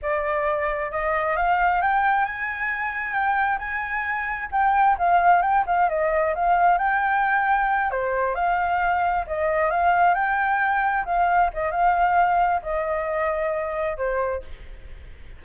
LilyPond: \new Staff \with { instrumentName = "flute" } { \time 4/4 \tempo 4 = 133 d''2 dis''4 f''4 | g''4 gis''2 g''4 | gis''2 g''4 f''4 | g''8 f''8 dis''4 f''4 g''4~ |
g''4. c''4 f''4.~ | f''8 dis''4 f''4 g''4.~ | g''8 f''4 dis''8 f''2 | dis''2. c''4 | }